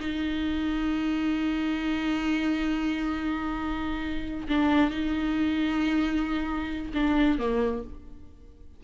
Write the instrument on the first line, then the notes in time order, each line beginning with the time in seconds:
viola
0.00 D#4
4.48 D4
4.90 D#4
6.94 D4
7.38 A#3